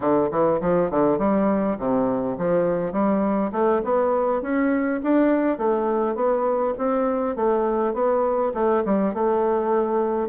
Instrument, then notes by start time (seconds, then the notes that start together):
bassoon
0.00 D3
0.31 E3
0.60 F3
0.90 D3
1.18 G3
1.78 C3
2.38 F3
2.92 G3
3.52 A3
3.84 B3
4.41 C#4
5.03 D4
5.58 A3
6.15 B3
6.78 C4
7.36 A3
7.93 B3
8.54 A3
8.85 G3
9.13 A3